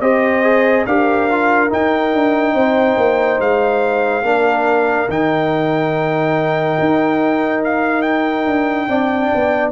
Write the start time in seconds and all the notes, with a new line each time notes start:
0.00 C4 G4 C5 D#5
0.43 G#4
0.86 D4 G4 A#4 F5
1.30 F4
1.69 D#4 G5
2.13 D4
2.54 C4 C5
2.96 A#3
3.39 G#3 F5
4.23 A#3 D4 A#4
5.08 D#3 D#4 G5
6.79 D#4
7.64 F5
8.01 G5
8.46 D4
8.88 C4 D4 D5
9.34 B3